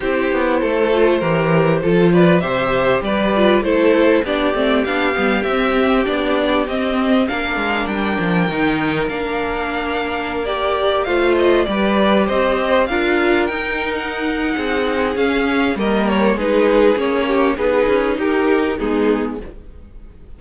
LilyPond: <<
  \new Staff \with { instrumentName = "violin" } { \time 4/4 \tempo 4 = 99 c''2.~ c''8 d''8 | e''4 d''4 c''4 d''4 | f''4 e''4 d''4 dis''4 | f''4 g''2 f''4~ |
f''4~ f''16 d''4 f''8 dis''8 d''8.~ | d''16 dis''4 f''4 g''8. fis''4~ | fis''4 f''4 dis''8 cis''8 b'4 | cis''4 b'4 ais'4 gis'4 | }
  \new Staff \with { instrumentName = "violin" } { \time 4/4 g'4 a'4 ais'4 a'8 b'8 | c''4 b'4 a'4 g'4~ | g'1 | ais'1~ |
ais'2~ ais'16 c''4 b'8.~ | b'16 c''4 ais'2~ ais'8. | gis'2 ais'4 gis'4~ | gis'8 g'8 gis'4 g'4 dis'4 | }
  \new Staff \with { instrumentName = "viola" } { \time 4/4 e'4. f'8 g'4 f'4 | g'4. f'8 e'4 d'8 c'8 | d'8 b8 c'4 d'4 c'4 | d'2 dis'4 d'4~ |
d'4~ d'16 g'4 f'4 g'8.~ | g'4~ g'16 f'4 dis'4.~ dis'16~ | dis'4 cis'4 ais4 dis'4 | cis'4 dis'2 b4 | }
  \new Staff \with { instrumentName = "cello" } { \time 4/4 c'8 b8 a4 e4 f4 | c4 g4 a4 b8 a8 | b8 g8 c'4 b4 c'4 | ais8 gis8 g8 f8 dis4 ais4~ |
ais2~ ais16 a4 g8.~ | g16 c'4 d'4 dis'4.~ dis'16 | c'4 cis'4 g4 gis4 | ais4 b8 cis'8 dis'4 gis4 | }
>>